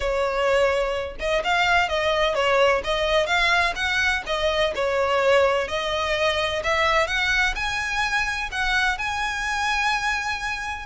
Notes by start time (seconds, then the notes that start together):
0.00 C#5
1.19 D#5
1.43 F5
1.88 D#5
2.35 C#5
2.83 D#5
3.26 F5
3.75 F#5
4.26 D#5
4.75 C#5
5.68 D#5
6.63 E5
7.07 F#5
7.55 G#5
8.51 F#5
8.97 G#5